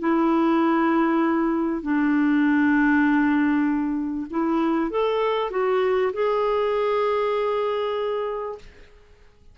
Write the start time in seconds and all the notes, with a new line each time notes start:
0.00 E4
1.83 D4
4.31 E4
4.91 A4
5.51 F#4
6.14 G#4